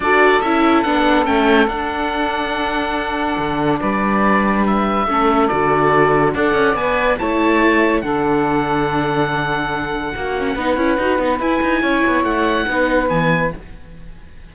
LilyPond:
<<
  \new Staff \with { instrumentName = "oboe" } { \time 4/4 \tempo 4 = 142 d''4 e''4 fis''4 g''4 | fis''1~ | fis''4 d''2 e''4~ | e''4 d''2 fis''4 |
gis''4 a''2 fis''4~ | fis''1~ | fis''2. gis''4~ | gis''4 fis''2 gis''4 | }
  \new Staff \with { instrumentName = "saxophone" } { \time 4/4 a'1~ | a'1~ | a'4 b'2. | a'2. d''4~ |
d''4 cis''2 a'4~ | a'1 | fis'4 b'2. | cis''2 b'2 | }
  \new Staff \with { instrumentName = "viola" } { \time 4/4 fis'4 e'4 d'4 cis'4 | d'1~ | d'1 | cis'4 fis'2 a'4 |
b'4 e'2 d'4~ | d'1 | fis'8 cis'8 dis'8 e'8 fis'8 dis'8 e'4~ | e'2 dis'4 b4 | }
  \new Staff \with { instrumentName = "cello" } { \time 4/4 d'4 cis'4 b4 a4 | d'1 | d4 g2. | a4 d2 d'8 cis'8 |
b4 a2 d4~ | d1 | ais4 b8 cis'8 dis'8 b8 e'8 dis'8 | cis'8 b8 a4 b4 e4 | }
>>